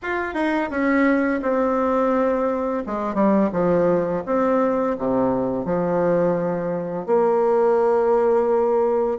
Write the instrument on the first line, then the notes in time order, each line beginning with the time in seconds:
bassoon
0.02 F4
0.33 D#4
0.70 C#4
1.41 C4
2.86 G#3
3.14 G3
3.52 F3
4.25 C4
4.98 C3
5.65 F3
7.06 A#3